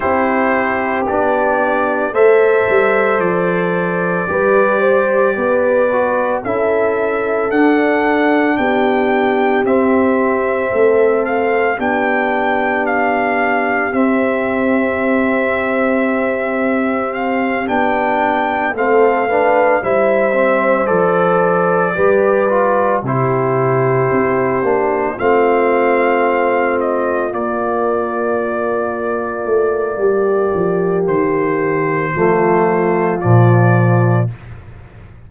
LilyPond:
<<
  \new Staff \with { instrumentName = "trumpet" } { \time 4/4 \tempo 4 = 56 c''4 d''4 e''4 d''4~ | d''2 e''4 fis''4 | g''4 e''4. f''8 g''4 | f''4 e''2. |
f''8 g''4 f''4 e''4 d''8~ | d''4. c''2 f''8~ | f''4 dis''8 d''2~ d''8~ | d''4 c''2 d''4 | }
  \new Staff \with { instrumentName = "horn" } { \time 4/4 g'2 c''2 | b'8 c''8 b'4 a'2 | g'2 a'4 g'4~ | g'1~ |
g'4. a'8 b'8 c''4.~ | c''8 b'4 g'2 f'8~ | f'1 | g'2 f'2 | }
  \new Staff \with { instrumentName = "trombone" } { \time 4/4 e'4 d'4 a'2 | g'4. fis'8 e'4 d'4~ | d'4 c'2 d'4~ | d'4 c'2.~ |
c'8 d'4 c'8 d'8 e'8 c'8 a'8~ | a'8 g'8 f'8 e'4. d'8 c'8~ | c'4. ais2~ ais8~ | ais2 a4 f4 | }
  \new Staff \with { instrumentName = "tuba" } { \time 4/4 c'4 b4 a8 g8 f4 | g4 b4 cis'4 d'4 | b4 c'4 a4 b4~ | b4 c'2.~ |
c'8 b4 a4 g4 f8~ | f8 g4 c4 c'8 ais8 a8~ | a4. ais2 a8 | g8 f8 dis4 f4 ais,4 | }
>>